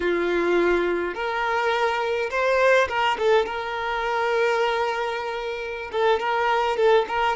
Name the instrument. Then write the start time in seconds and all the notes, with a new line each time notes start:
violin
0.00 F4
1.14 A#4
2.30 C5
2.88 A#4
3.18 A4
3.45 A#4
5.92 A4
6.19 A#4
6.76 A4
7.08 A#4